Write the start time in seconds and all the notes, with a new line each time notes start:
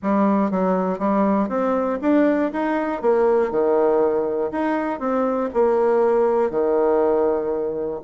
0.02 G3
0.50 F#3
0.99 G3
1.49 C4
2.01 D4
2.52 D#4
3.01 A#3
3.50 D#3
4.51 D#4
4.99 C4
5.53 A#3
6.50 D#3